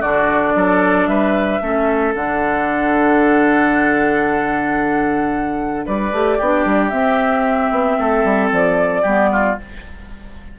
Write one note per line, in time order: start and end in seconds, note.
0.00 0.55 D3
0.00 1.61 D4
0.00 0.53 F#4
0.00 1.08 D5
0.55 1.07 F#3
0.55 1.10 A4
1.07 1.61 G3
1.07 1.63 B4
1.07 2.14 E5
1.61 2.14 A3
1.61 2.14 C#4
1.61 5.86 A4
2.15 5.87 D3
2.15 6.13 D4
2.15 5.87 F#5
5.86 6.12 G3
5.86 6.38 B4
5.86 6.89 D5
6.12 6.39 A3
6.12 6.40 G4
6.38 6.65 B3
6.38 6.91 D4
6.38 7.97 G4
6.65 6.92 G3
6.89 9.04 C4
6.89 7.71 C4
6.89 8.48 E5
7.71 7.98 B3
7.99 8.24 A3
7.99 9.02 A4
8.24 8.51 G3
8.52 9.04 F3
8.52 9.60 D5
9.02 9.57 G3
9.02 9.59 B3
9.02 9.29 G4
9.32 9.59 F4